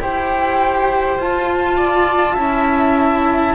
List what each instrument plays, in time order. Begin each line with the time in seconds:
0.00 double bass E4, cello G4, viola C5, flute G5
1.17 double bass F4, cello F4, flute A5
1.77 viola D5
2.33 double bass C#4, cello E4, viola E5